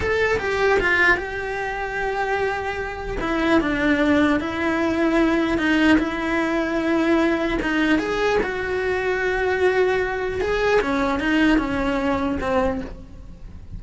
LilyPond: \new Staff \with { instrumentName = "cello" } { \time 4/4 \tempo 4 = 150 a'4 g'4 f'4 g'4~ | g'1 | e'4 d'2 e'4~ | e'2 dis'4 e'4~ |
e'2. dis'4 | gis'4 fis'2.~ | fis'2 gis'4 cis'4 | dis'4 cis'2 c'4 | }